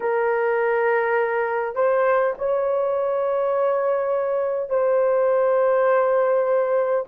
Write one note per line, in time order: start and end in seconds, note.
0.00 1.75 A#4
1.75 2.34 C5
2.37 4.70 C#5
4.70 7.05 C5